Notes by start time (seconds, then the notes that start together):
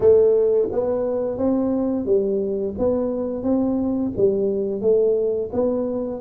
0.00 A3
0.71 B3
1.37 C4
2.05 G3
2.78 B3
3.43 C4
4.17 G3
4.81 A3
5.53 B3